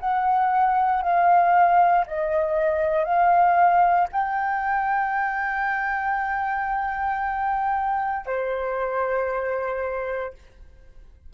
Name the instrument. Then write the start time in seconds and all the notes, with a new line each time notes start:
flute
0.00 F#5
1.02 F5
2.06 D#5
3.04 F5
4.12 G5
8.26 C5